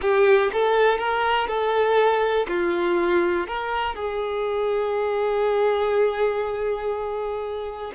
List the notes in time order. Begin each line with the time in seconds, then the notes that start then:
0.01 G4
0.53 A4
0.98 A#4
1.47 A4
2.48 F4
3.47 A#4
3.95 G#4